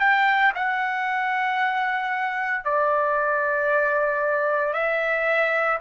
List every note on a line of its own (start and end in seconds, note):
0.00 0.53 G5
0.55 2.65 F#5
2.65 4.74 D5
4.74 5.79 E5